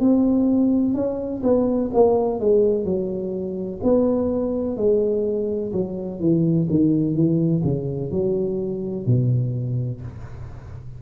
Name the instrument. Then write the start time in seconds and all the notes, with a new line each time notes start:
tuba
0.00 C4
0.94 C#4
1.43 B3
1.94 A#3
2.40 G#3
2.85 F#3
3.84 B3
4.77 G#3
5.73 F#3
6.20 E3
6.70 D#3
7.15 E3
7.64 C#3
8.11 F#3
9.06 B2